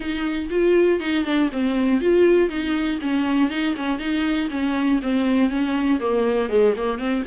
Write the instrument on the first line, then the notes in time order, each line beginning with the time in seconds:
viola
0.00 D#4
0.50 F4
1.00 D#4
1.25 D4
1.51 C4
2.00 F4
2.49 D#4
3.01 C#4
3.50 D#4
3.76 C#4
3.98 D#4
4.50 C#4
5.02 C4
5.49 C#4
6.00 A#3
6.49 G#3
6.76 A#3
6.98 C4